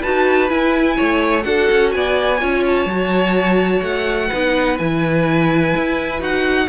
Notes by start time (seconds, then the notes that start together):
0.00 D#4 F#4 B4 A5
0.49 E4 G#5
0.97 A3 C#5
1.42 D4 F#4 A4 F#5
1.71 C#4
1.92 B3 D5 G#5
2.40 C#4 F4 C#5
2.66 A5
2.86 F#3 F#4
3.82 A3 F#5
4.28 B3 D#4 B4
4.78 E3 E4 G#5
5.76 E4
6.20 D#4 F#4 F#5